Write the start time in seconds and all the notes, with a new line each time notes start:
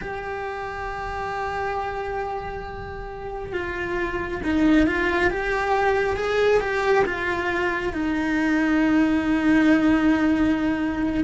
0.01 G4
3.53 F4
4.44 D#4
4.86 F4
5.30 G4
6.16 G#4
6.60 G4
7.05 F4
7.93 D#4